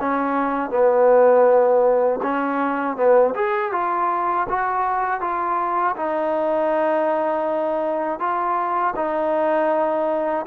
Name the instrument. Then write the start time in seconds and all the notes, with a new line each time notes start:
trombone
0.00 C#4
0.70 B3
2.23 C#4
2.97 B3
3.35 G#4
3.72 F4
4.49 F#4
5.21 F4
5.97 D#4
8.20 F4
8.96 D#4